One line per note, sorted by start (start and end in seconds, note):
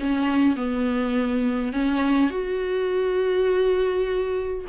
0.00 0.57 C#4
0.57 1.73 B3
1.73 2.30 C#4
2.30 4.66 F#4